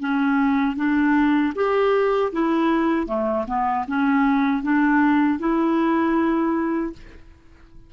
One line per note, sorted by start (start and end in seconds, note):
0.00 0.76 C#4
0.76 1.53 D4
1.55 2.32 G4
2.33 3.07 E4
3.07 3.45 A3
3.47 3.86 B3
3.88 4.63 C#4
4.63 5.39 D4
5.39 6.93 E4